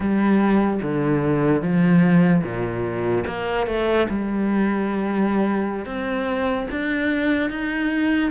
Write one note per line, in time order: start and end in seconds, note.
0.00 0.80 G3
0.82 1.61 D3
1.61 2.43 F3
2.43 3.24 A#2
3.27 3.67 A#3
3.67 4.07 A3
4.09 5.85 G3
5.85 6.66 C4
6.71 7.50 D4
7.50 8.31 D#4